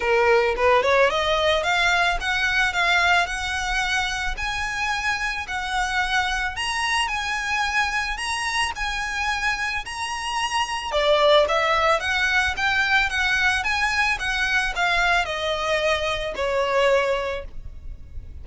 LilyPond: \new Staff \with { instrumentName = "violin" } { \time 4/4 \tempo 4 = 110 ais'4 b'8 cis''8 dis''4 f''4 | fis''4 f''4 fis''2 | gis''2 fis''2 | ais''4 gis''2 ais''4 |
gis''2 ais''2 | d''4 e''4 fis''4 g''4 | fis''4 gis''4 fis''4 f''4 | dis''2 cis''2 | }